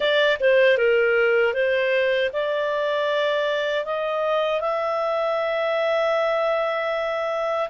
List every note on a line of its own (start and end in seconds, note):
0.00 0.37 D5
0.40 0.77 C5
0.77 1.53 A#4
1.53 2.30 C5
2.33 3.85 D5
3.85 4.60 D#5
4.60 7.68 E5